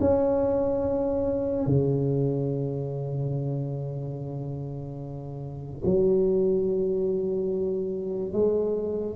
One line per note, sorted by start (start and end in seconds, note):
0.00 1.66 C#4
1.66 5.82 C#3
5.84 8.33 F#3
8.33 9.16 G#3